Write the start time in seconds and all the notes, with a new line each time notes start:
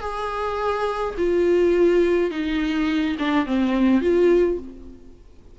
0.00 G#4
1.17 F4
2.30 D#4
3.19 D4
3.46 C4
4.01 F4